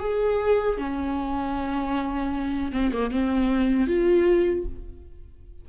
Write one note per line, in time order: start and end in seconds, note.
0.00 0.78 G#4
0.78 2.72 C#4
2.72 2.92 C4
2.93 3.11 A#3
3.11 3.87 C4
3.87 4.65 F4